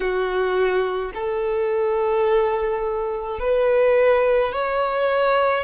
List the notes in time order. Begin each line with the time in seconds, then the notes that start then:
0.00 F#4
1.14 A4
3.40 B4
4.52 C#5